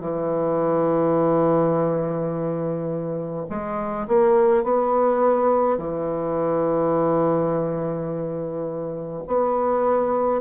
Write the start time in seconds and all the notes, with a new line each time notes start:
0.00 E3
3.49 G#3
4.08 A#3
4.64 B3
5.77 E3
9.27 B3